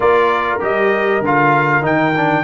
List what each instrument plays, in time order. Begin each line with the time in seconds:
0.00 tuba A#3, trombone F4, horn A#4, trumpet D5
0.59 tuba G3, trombone G4, trumpet D#5
1.21 tuba D3, trombone F4, trumpet F5
1.81 tuba D#3, trombone D#4, trumpet G5
2.16 trombone D4